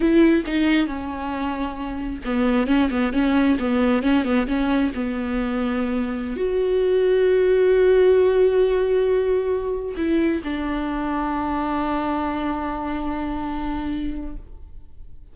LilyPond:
\new Staff \with { instrumentName = "viola" } { \time 4/4 \tempo 4 = 134 e'4 dis'4 cis'2~ | cis'4 b4 cis'8 b8 cis'4 | b4 cis'8 b8 cis'4 b4~ | b2~ b16 fis'4.~ fis'16~ |
fis'1~ | fis'2~ fis'16 e'4 d'8.~ | d'1~ | d'1 | }